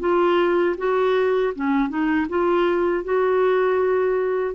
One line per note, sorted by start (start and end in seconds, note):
0.00 0.76 F4
0.78 1.54 F#4
1.55 1.89 C#4
1.89 2.27 D#4
2.29 3.04 F4
3.04 4.55 F#4